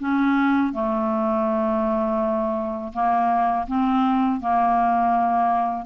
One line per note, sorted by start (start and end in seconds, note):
0.00 0.73 C#4
0.73 2.93 A3
2.93 3.67 A#3
3.68 4.41 C4
4.41 5.86 A#3